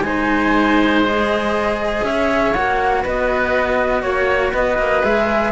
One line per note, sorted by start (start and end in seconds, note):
0.00 2.01 G#3
0.00 1.04 D#4
0.00 2.05 C5
0.00 1.00 G#5
1.04 2.54 G#4
1.04 2.04 D#5
2.04 2.54 C#4
2.04 3.02 C#5
2.04 2.53 E5
2.53 3.04 A#3
2.53 5.03 F#4
2.53 3.03 F#5
3.02 4.03 B3
3.02 4.03 B4
3.02 4.02 D#5
4.02 4.53 A#3
4.02 4.52 C#5
4.02 4.53 C#5
4.53 4.78 B3
4.53 5.52 B4
4.53 5.04 D#5
4.78 5.03 A#3
5.03 5.52 G#3
5.03 5.52 G#4
5.03 5.52 E5